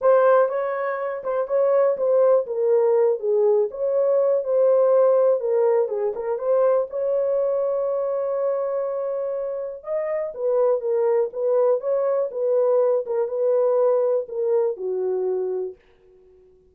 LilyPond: \new Staff \with { instrumentName = "horn" } { \time 4/4 \tempo 4 = 122 c''4 cis''4. c''8 cis''4 | c''4 ais'4. gis'4 cis''8~ | cis''4 c''2 ais'4 | gis'8 ais'8 c''4 cis''2~ |
cis''1 | dis''4 b'4 ais'4 b'4 | cis''4 b'4. ais'8 b'4~ | b'4 ais'4 fis'2 | }